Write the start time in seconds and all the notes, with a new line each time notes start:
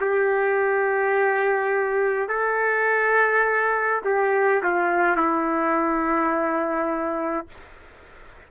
0.00 G4
2.29 A4
4.04 G4
4.63 F4
5.16 E4